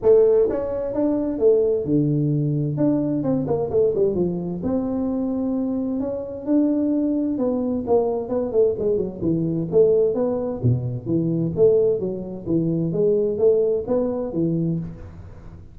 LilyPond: \new Staff \with { instrumentName = "tuba" } { \time 4/4 \tempo 4 = 130 a4 cis'4 d'4 a4 | d2 d'4 c'8 ais8 | a8 g8 f4 c'2~ | c'4 cis'4 d'2 |
b4 ais4 b8 a8 gis8 fis8 | e4 a4 b4 b,4 | e4 a4 fis4 e4 | gis4 a4 b4 e4 | }